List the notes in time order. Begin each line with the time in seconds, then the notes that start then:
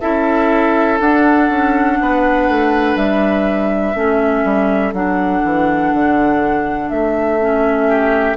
0.00 C#4 E4 A4 E5
0.99 D4 F#5
1.49 C#4
2.00 B3 B4
2.48 A3
2.95 G3 E5
3.95 A3 C#4 A4
4.44 G3
4.93 F#3 D4 F#5
5.43 E3
5.92 D3
6.89 A3 E5
7.40 C#4
7.87 G4